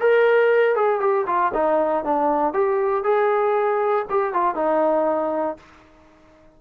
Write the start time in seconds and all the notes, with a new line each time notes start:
0.00 A#4
0.75 G#4
1.00 G4
1.26 F4
1.54 D#4
2.04 D4
2.53 G4
3.04 G#4
4.10 G4
4.33 F4
4.55 D#4